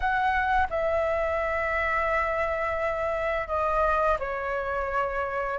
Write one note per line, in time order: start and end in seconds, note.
0.00 0.67 F#5
0.70 3.47 E5
3.47 4.17 D#5
4.19 5.58 C#5